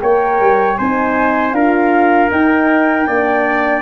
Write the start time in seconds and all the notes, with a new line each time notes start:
0.00 A#3 A#4 C#5 G5
0.40 G3
0.77 C4 D#4 C5 G#5
1.53 D4 F4 A#4 F5
2.29 D#4 G5
3.07 A#3 D4 D5